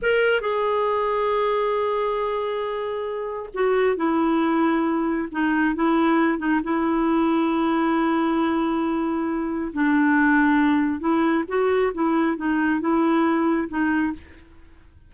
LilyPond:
\new Staff \with { instrumentName = "clarinet" } { \time 4/4 \tempo 4 = 136 ais'4 gis'2.~ | gis'1 | fis'4 e'2. | dis'4 e'4. dis'8 e'4~ |
e'1~ | e'2 d'2~ | d'4 e'4 fis'4 e'4 | dis'4 e'2 dis'4 | }